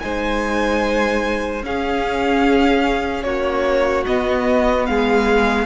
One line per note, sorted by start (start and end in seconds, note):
0.00 1.62 G#3
0.00 1.64 D#4
0.00 1.65 C5
0.00 1.62 G#5
1.62 3.24 C#4
1.62 4.07 C#4
1.62 3.25 G#4
1.62 3.23 F5
3.23 4.05 A#3
3.23 4.87 F#4
3.23 4.04 C#5
4.06 5.66 B3
4.06 4.89 B3
4.06 4.86 D#5
4.86 5.66 G#3
4.86 5.66 G#4
4.86 5.66 F5